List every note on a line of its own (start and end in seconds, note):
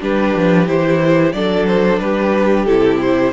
0.00 0.35 G3
0.00 0.66 D4
0.00 1.34 G4
0.00 0.67 B4
0.35 0.68 F3
0.66 1.33 E3
0.66 1.33 E4
0.66 1.32 C5
1.32 1.99 F#3
1.32 2.68 D4
1.32 2.02 A4
1.32 1.66 D5
1.67 1.99 C5
1.99 2.66 G3
1.99 3.33 G4
1.99 2.65 B4
2.65 3.33 C3
2.65 3.33 E4
2.65 2.98 A4
3.02 3.33 C5